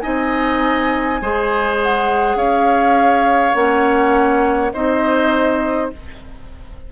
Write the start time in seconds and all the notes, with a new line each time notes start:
0.00 C4 D#4 D#5 G#5
1.22 G#3 G#4 C5
1.83 F#5
2.36 C#4 C#5 F5
3.54 A#3 C#4 F#5
4.73 C4 D#4 C5 D#5